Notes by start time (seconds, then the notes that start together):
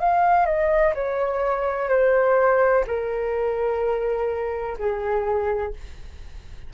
0.00 F5
0.46 D#5
0.95 C#5
1.90 C5
2.87 A#4
4.79 G#4